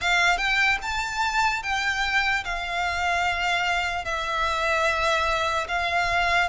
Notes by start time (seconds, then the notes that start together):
0.01 F5
0.37 G5
0.81 A5
1.63 G5
2.44 F5
4.05 E5
5.68 F5